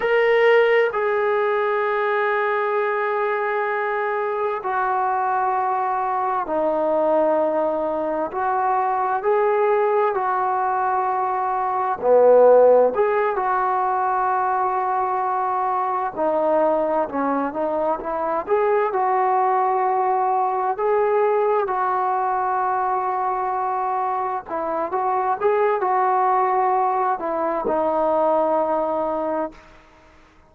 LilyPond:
\new Staff \with { instrumentName = "trombone" } { \time 4/4 \tempo 4 = 65 ais'4 gis'2.~ | gis'4 fis'2 dis'4~ | dis'4 fis'4 gis'4 fis'4~ | fis'4 b4 gis'8 fis'4.~ |
fis'4. dis'4 cis'8 dis'8 e'8 | gis'8 fis'2 gis'4 fis'8~ | fis'2~ fis'8 e'8 fis'8 gis'8 | fis'4. e'8 dis'2 | }